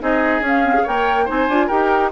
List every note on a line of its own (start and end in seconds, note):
0.00 0.41 C4
0.00 0.42 D#4
0.00 0.83 G#4
0.00 0.45 D#5
0.41 0.83 C#4
0.41 0.65 C#4
0.48 0.87 F5
0.65 0.75 C4
0.75 0.85 G#4
0.83 1.30 A#3
0.83 1.27 A#4
0.83 1.25 C#5
0.83 1.30 G5
1.25 1.49 C4
1.25 1.48 D#4
1.25 1.67 C5
1.25 1.69 G#5
1.49 1.70 D4
1.49 1.70 F4
1.67 2.12 D#4
1.67 2.12 G4
1.67 2.10 A#4
1.67 2.11 G5